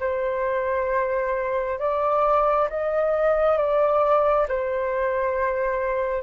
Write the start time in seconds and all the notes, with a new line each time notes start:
0.00 C5
1.79 D5
2.69 D#5
3.58 D5
4.49 C5